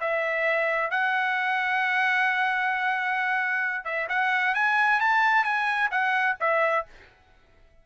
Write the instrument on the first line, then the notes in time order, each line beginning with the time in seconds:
trumpet
0.00 E5
0.90 F#5
3.84 E5
4.09 F#5
4.55 G#5
5.00 A5
5.44 G#5
5.91 F#5
6.40 E5